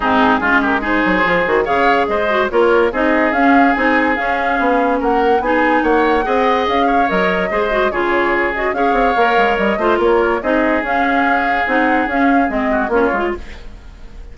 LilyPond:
<<
  \new Staff \with { instrumentName = "flute" } { \time 4/4 \tempo 4 = 144 gis'4. ais'8 c''2 | f''4 dis''4 cis''4 dis''4 | f''4 gis''4 f''2 | fis''4 gis''4 fis''2 |
f''4 dis''2 cis''4~ | cis''8 dis''8 f''2 dis''4 | cis''4 dis''4 f''2 | fis''4 f''4 dis''4 cis''4 | }
  \new Staff \with { instrumentName = "oboe" } { \time 4/4 dis'4 f'8 g'8 gis'2 | cis''4 c''4 ais'4 gis'4~ | gis'1 | ais'4 gis'4 cis''4 dis''4~ |
dis''8 cis''4. c''4 gis'4~ | gis'4 cis''2~ cis''8 c''8 | ais'4 gis'2.~ | gis'2~ gis'8 fis'8 f'4 | }
  \new Staff \with { instrumentName = "clarinet" } { \time 4/4 c'4 cis'4 dis'4 f'8 fis'8 | gis'4. fis'8 f'4 dis'4 | cis'4 dis'4 cis'2~ | cis'4 dis'2 gis'4~ |
gis'4 ais'4 gis'8 fis'8 f'4~ | f'8 fis'8 gis'4 ais'4. f'8~ | f'4 dis'4 cis'2 | dis'4 cis'4 c'4 cis'8 f'8 | }
  \new Staff \with { instrumentName = "bassoon" } { \time 4/4 gis,4 gis4. fis8 f8 dis8 | cis4 gis4 ais4 c'4 | cis'4 c'4 cis'4 b4 | ais4 b4 ais4 c'4 |
cis'4 fis4 gis4 cis4~ | cis4 cis'8 c'8 ais8 gis8 g8 a8 | ais4 c'4 cis'2 | c'4 cis'4 gis4 ais8 gis8 | }
>>